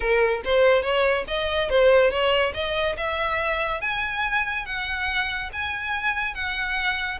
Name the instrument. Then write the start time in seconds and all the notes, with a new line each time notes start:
violin
0.00 A#4
0.44 C5
0.82 C#5
1.27 D#5
1.69 C5
2.10 C#5
2.54 D#5
2.96 E5
3.81 G#5
4.65 F#5
5.52 G#5
6.34 F#5